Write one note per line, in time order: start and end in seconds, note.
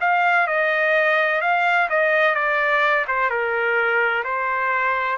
0.00 0.47 F5
0.47 1.41 D#5
1.41 1.88 F5
1.89 2.34 D#5
2.34 3.05 D5
3.07 3.29 C5
3.29 4.23 A#4
4.24 5.17 C5